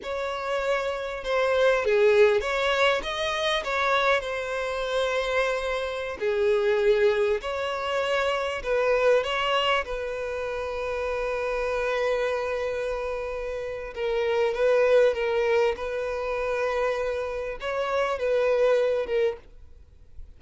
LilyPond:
\new Staff \with { instrumentName = "violin" } { \time 4/4 \tempo 4 = 99 cis''2 c''4 gis'4 | cis''4 dis''4 cis''4 c''4~ | c''2~ c''16 gis'4.~ gis'16~ | gis'16 cis''2 b'4 cis''8.~ |
cis''16 b'2.~ b'8.~ | b'2. ais'4 | b'4 ais'4 b'2~ | b'4 cis''4 b'4. ais'8 | }